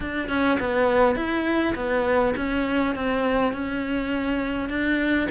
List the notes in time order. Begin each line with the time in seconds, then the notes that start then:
0.00 D4
0.29 C#4
0.59 B3
1.15 E4
1.75 B3
2.36 C#4
2.95 C4
3.53 C#4
4.69 D4